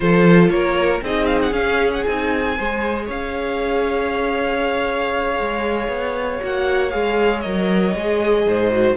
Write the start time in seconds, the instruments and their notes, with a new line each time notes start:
0.00 cello F3, viola F4, violin A4 C5
0.49 cello A#3, violin A#4 C#5
1.02 cello C4, viola D#4, violin G#4 D#5
1.26 violin F5
1.42 violin F#5
1.52 cello C#4, viola C#4, violin F5
1.93 violin F#5
2.03 cello C4, viola D#4, violin G#5
2.57 cello G#3, viola G#4, violin C5
3.05 cello C#4, violin C#5 F5
5.40 cello G#3
5.88 cello B3
6.40 cello A#3, viola F#4, violin F#5
6.90 cello G#3, viola G#4, violin F5
7.39 cello F#3, viola A#4, violin D#5
7.95 cello G#3, viola G#4
8.46 cello G#2, violin C5
8.70 viola F#4